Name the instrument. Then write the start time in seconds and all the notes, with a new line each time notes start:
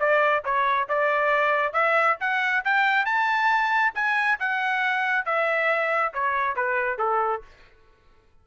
trumpet
0.00 D5
0.45 C#5
0.89 D5
1.73 E5
2.21 F#5
2.65 G5
3.06 A5
3.95 G#5
4.40 F#5
5.26 E5
6.14 C#5
6.56 B4
6.99 A4